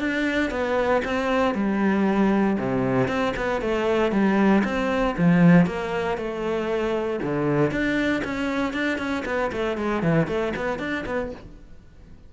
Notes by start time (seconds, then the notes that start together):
0.00 D4
0.51 B3
1.05 C4
1.55 G3
2.59 C3
3.08 C4
3.37 B3
3.62 A3
4.12 G3
4.65 C4
5.18 F3
5.67 A#3
6.18 A3
7.23 D3
7.71 D4
8.25 C#4
8.74 D4
8.99 C#4
9.26 B3
9.52 A3
9.78 G#3
10.03 E3
10.28 A3
10.57 B3
10.79 D4
11.06 B3